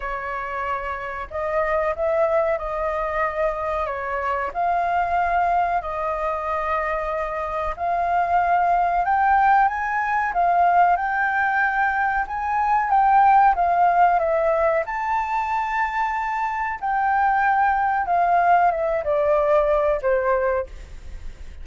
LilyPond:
\new Staff \with { instrumentName = "flute" } { \time 4/4 \tempo 4 = 93 cis''2 dis''4 e''4 | dis''2 cis''4 f''4~ | f''4 dis''2. | f''2 g''4 gis''4 |
f''4 g''2 gis''4 | g''4 f''4 e''4 a''4~ | a''2 g''2 | f''4 e''8 d''4. c''4 | }